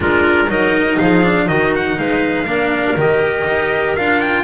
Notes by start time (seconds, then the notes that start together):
0.00 G#3 D4 F4 A#4
0.48 F#3 D#4 A#4 D#5
0.98 F3 G#4 F5
1.23 D4
1.46 D#3 D#4 F#4 D#5
1.75 F#5
1.98 G#3 B4 F5
2.45 A#3 D4 A#4
2.95 D#3 G4 D#5
3.46 D#4
3.96 D4 F4 F5
4.21 G5